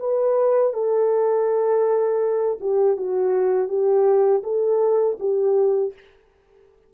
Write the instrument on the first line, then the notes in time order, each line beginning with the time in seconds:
horn
0.00 B4
0.73 A4
2.61 G4
2.97 F#4
3.69 G4
4.44 A4
5.20 G4